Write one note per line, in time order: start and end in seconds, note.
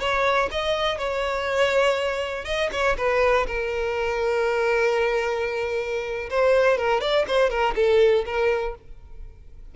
0.00 0.49 C#5
0.51 0.98 D#5
0.98 2.45 C#5
2.45 2.70 D#5
2.72 2.97 C#5
2.98 3.47 B4
3.47 6.30 A#4
6.30 6.78 C5
6.78 7.01 A#4
7.01 7.25 D5
7.28 7.50 C5
7.50 7.75 A#4
7.76 8.25 A4
8.26 8.75 A#4